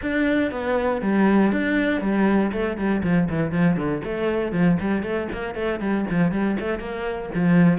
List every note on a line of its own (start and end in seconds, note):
0.01 0.51 D4
0.51 1.01 B3
1.01 1.51 G3
1.51 2.01 D4
2.01 2.51 G3
2.52 2.77 A3
2.77 3.02 G3
3.03 3.28 F3
3.29 3.51 E3
3.51 3.76 F3
3.76 4.01 D3
4.04 4.52 A3
4.52 4.77 F3
4.80 5.02 G3
5.02 5.28 A3
5.32 5.54 A#3
5.54 5.80 A3
5.80 6.05 G3
6.10 6.31 F3
6.31 6.57 G3
6.60 6.79 A3
6.79 7.29 A#3
7.34 7.78 F3